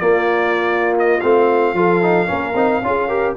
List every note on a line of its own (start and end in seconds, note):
0.00 1.21 A#3
0.00 1.22 A#3
0.00 1.76 F4
0.00 0.94 D5
0.99 1.20 D#5
1.20 1.73 A3
1.20 1.75 C4
1.20 3.35 F5
1.73 2.27 F3
1.73 2.02 F4
1.73 2.28 A4
2.02 2.27 D#4
2.27 2.54 A#3
2.27 2.54 C#4
2.27 2.82 A#4
2.54 2.81 C4
2.54 2.83 D#4
2.82 3.36 C#4
2.82 3.09 F4
2.82 3.08 G#4
3.08 3.36 G4
3.08 3.35 A#4